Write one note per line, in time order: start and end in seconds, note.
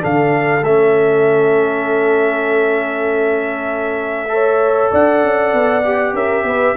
0.00 0.63 D3
0.00 0.61 D4
0.00 4.30 A4
0.00 0.64 F5
0.63 4.91 A3
0.63 4.28 C#4
0.63 4.93 E5
4.28 5.82 A4
4.28 4.91 C#5
4.91 5.23 D4
4.91 6.14 D5
4.91 6.16 F#5
5.23 5.53 C#4
5.53 6.13 B3
5.84 6.76 G4
6.13 6.44 C#4
6.13 6.46 A#4
6.13 6.76 E5
6.44 6.74 B3
6.44 6.76 B4